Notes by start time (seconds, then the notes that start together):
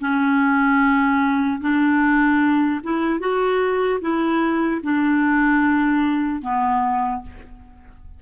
0.00 C#4
1.60 D4
2.83 E4
3.19 F#4
4.01 E4
4.83 D4
6.41 B3